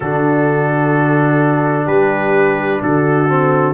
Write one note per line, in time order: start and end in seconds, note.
0.00 1.87 D3
0.00 3.29 D4
0.00 1.84 F#4
0.00 1.87 A4
1.84 2.81 G3
1.84 2.78 G4
1.84 2.81 B4
2.81 3.74 D3
2.81 3.74 F#4
2.81 3.74 A4
3.29 3.74 C4